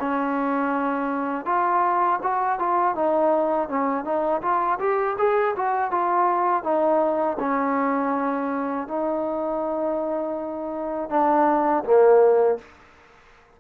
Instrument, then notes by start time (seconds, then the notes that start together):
trombone
0.00 C#4
1.46 F4
2.23 F#4
2.59 F4
2.95 D#4
3.69 C#4
4.05 D#4
4.42 F4
4.80 G4
5.18 G#4
5.56 F#4
5.91 F4
6.64 D#4
7.40 C#4
8.88 D#4
11.10 D4
11.84 A#3